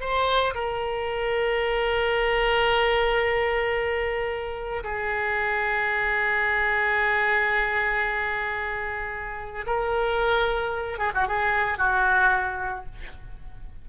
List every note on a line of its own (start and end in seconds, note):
0.00 0.54 C5
0.54 4.83 A#4
4.83 9.65 G#4
9.66 10.98 A#4
10.98 11.11 G#4
11.14 11.27 F#4
11.27 11.78 G#4
11.78 12.85 F#4